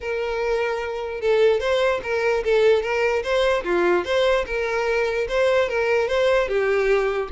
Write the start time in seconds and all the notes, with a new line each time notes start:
0.01 A#4
1.21 A4
1.60 C5
2.03 A#4
2.44 A4
2.82 A#4
3.23 C5
3.64 F4
4.04 C5
4.46 A#4
5.28 C5
5.68 A#4
6.08 C5
6.48 G4